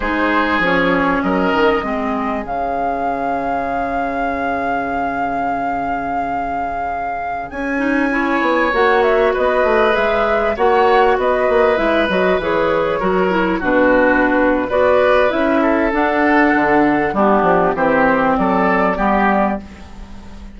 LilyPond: <<
  \new Staff \with { instrumentName = "flute" } { \time 4/4 \tempo 4 = 98 c''4 cis''4 dis''2 | f''1~ | f''1~ | f''16 gis''2 fis''8 e''8 dis''8.~ |
dis''16 e''4 fis''4 dis''4 e''8 dis''16~ | dis''16 cis''2 b'4.~ b'16 | d''4 e''4 fis''2 | g'4 c''4 d''2 | }
  \new Staff \with { instrumentName = "oboe" } { \time 4/4 gis'2 ais'4 gis'4~ | gis'1~ | gis'1~ | gis'4~ gis'16 cis''2 b'8.~ |
b'4~ b'16 cis''4 b'4.~ b'16~ | b'4~ b'16 ais'4 fis'4.~ fis'16 | b'4. a'2~ a'8 | d'4 g'4 a'4 g'4 | }
  \new Staff \with { instrumentName = "clarinet" } { \time 4/4 dis'4 cis'2 c'4 | cis'1~ | cis'1~ | cis'8. dis'8 e'4 fis'4.~ fis'16~ |
fis'16 gis'4 fis'2 e'8 fis'16~ | fis'16 gis'4 fis'8 e'8 d'4.~ d'16 | fis'4 e'4 d'2 | b4 c'2 b4 | }
  \new Staff \with { instrumentName = "bassoon" } { \time 4/4 gis4 f4 fis8 dis8 gis4 | cis1~ | cis1~ | cis16 cis'4. b8 ais4 b8 a16~ |
a16 gis4 ais4 b8 ais8 gis8 fis16~ | fis16 e4 fis4 b,4.~ b,16 | b4 cis'4 d'4 d4 | g8 f8 e4 fis4 g4 | }
>>